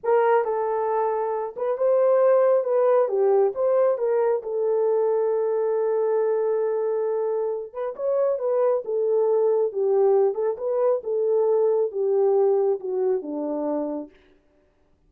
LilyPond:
\new Staff \with { instrumentName = "horn" } { \time 4/4 \tempo 4 = 136 ais'4 a'2~ a'8 b'8 | c''2 b'4 g'4 | c''4 ais'4 a'2~ | a'1~ |
a'4. b'8 cis''4 b'4 | a'2 g'4. a'8 | b'4 a'2 g'4~ | g'4 fis'4 d'2 | }